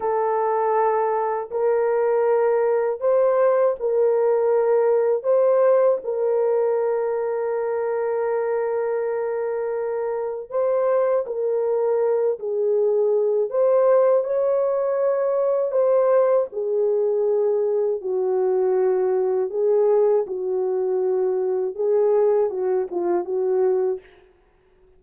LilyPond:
\new Staff \with { instrumentName = "horn" } { \time 4/4 \tempo 4 = 80 a'2 ais'2 | c''4 ais'2 c''4 | ais'1~ | ais'2 c''4 ais'4~ |
ais'8 gis'4. c''4 cis''4~ | cis''4 c''4 gis'2 | fis'2 gis'4 fis'4~ | fis'4 gis'4 fis'8 f'8 fis'4 | }